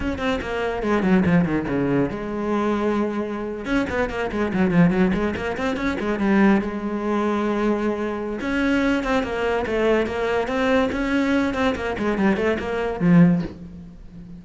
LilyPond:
\new Staff \with { instrumentName = "cello" } { \time 4/4 \tempo 4 = 143 cis'8 c'8 ais4 gis8 fis8 f8 dis8 | cis4 gis2.~ | gis8. cis'8 b8 ais8 gis8 fis8 f8 fis16~ | fis16 gis8 ais8 c'8 cis'8 gis8 g4 gis16~ |
gis1 | cis'4. c'8 ais4 a4 | ais4 c'4 cis'4. c'8 | ais8 gis8 g8 a8 ais4 f4 | }